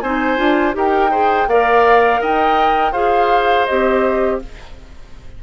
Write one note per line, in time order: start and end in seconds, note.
0.00 0.39 C4
0.00 0.37 D#4
0.00 0.76 C5
0.00 0.73 G#5
0.37 0.75 D4
0.37 0.73 F4
0.73 1.47 D#4
0.73 1.10 G4
0.73 1.11 A#4
0.73 1.49 G5
1.11 1.48 G#4
1.11 1.48 C5
1.47 2.20 A#3
1.47 2.94 A#4
1.47 2.21 D5
1.47 2.22 F5
2.21 2.92 D#4
2.21 2.92 D#5
2.21 2.93 G5
2.92 3.65 F4
2.92 3.67 G#4
2.92 4.38 C5
2.92 3.66 F5
3.66 4.43 C4
3.66 4.42 G4
3.66 4.39 D#5